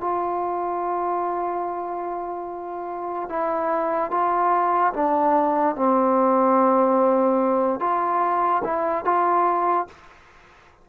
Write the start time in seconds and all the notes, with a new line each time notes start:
0.00 F4
3.29 E4
4.11 F4
4.93 D4
5.75 C4
7.80 F4
8.64 E4
9.04 F4